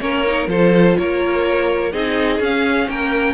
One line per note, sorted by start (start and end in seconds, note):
0.00 0.47 A#3
0.00 0.25 C#4
0.00 0.49 A#4
0.00 0.48 C#5
0.26 0.48 D#4
0.47 0.95 F3
0.47 1.92 F4
0.47 0.97 A4
0.47 0.98 C5
0.98 1.94 A#3
0.98 1.93 A#4
0.98 1.93 C#5
1.93 2.40 C4
1.93 2.41 D#4
1.93 2.89 G#4
1.93 2.41 D#5
2.40 2.88 C#4
2.40 3.34 C#4
2.40 2.90 F5
2.89 3.34 A#3
2.89 3.34 A#4
2.89 3.34 G5